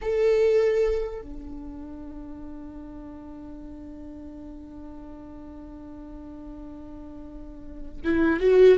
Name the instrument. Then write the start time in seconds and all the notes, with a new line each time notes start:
viola
0.01 A4
1.21 D4
8.03 E4
8.40 F#4